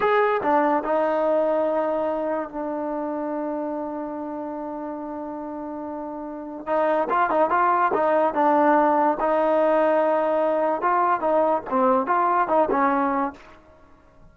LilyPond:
\new Staff \with { instrumentName = "trombone" } { \time 4/4 \tempo 4 = 144 gis'4 d'4 dis'2~ | dis'2 d'2~ | d'1~ | d'1 |
dis'4 f'8 dis'8 f'4 dis'4 | d'2 dis'2~ | dis'2 f'4 dis'4 | c'4 f'4 dis'8 cis'4. | }